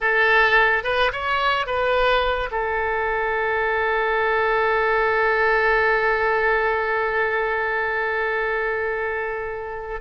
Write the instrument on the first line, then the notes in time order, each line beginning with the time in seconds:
oboe
0.01 A4
0.83 B4
1.12 C#5
1.66 B4
2.51 A4